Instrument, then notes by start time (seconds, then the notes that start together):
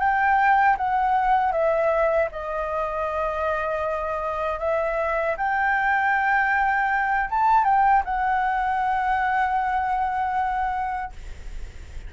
flute
0.00 G5
0.78 F#5
1.52 E5
2.32 D#5
4.59 E5
5.37 G5
7.30 A5
7.65 G5
8.05 F#5